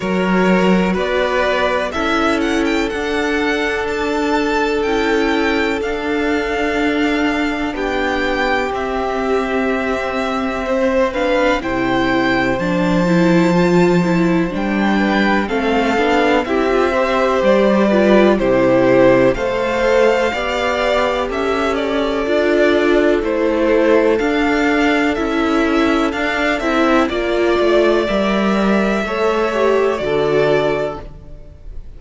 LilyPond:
<<
  \new Staff \with { instrumentName = "violin" } { \time 4/4 \tempo 4 = 62 cis''4 d''4 e''8 fis''16 g''16 fis''4 | a''4 g''4 f''2 | g''4 e''2~ e''8 f''8 | g''4 a''2 g''4 |
f''4 e''4 d''4 c''4 | f''2 e''8 d''4. | c''4 f''4 e''4 f''8 e''8 | d''4 e''2 d''4 | }
  \new Staff \with { instrumentName = "violin" } { \time 4/4 ais'4 b'4 a'2~ | a'1 | g'2. c''8 b'8 | c''2.~ c''8 b'8 |
a'4 g'8 c''4 b'8 g'4 | c''4 d''4 a'2~ | a'1 | d''2 cis''4 a'4 | }
  \new Staff \with { instrumentName = "viola" } { \time 4/4 fis'2 e'4 d'4~ | d'4 e'4 d'2~ | d'4 c'2~ c'8 d'8 | e'4 d'8 e'8 f'8 e'8 d'4 |
c'8 d'8 e'16 f'16 g'4 f'8 e'4 | a'4 g'2 f'4 | e'4 d'4 e'4 d'8 e'8 | f'4 ais'4 a'8 g'8 fis'4 | }
  \new Staff \with { instrumentName = "cello" } { \time 4/4 fis4 b4 cis'4 d'4~ | d'4 cis'4 d'2 | b4 c'2. | c4 f2 g4 |
a8 b8 c'4 g4 c4 | a4 b4 cis'4 d'4 | a4 d'4 cis'4 d'8 c'8 | ais8 a8 g4 a4 d4 | }
>>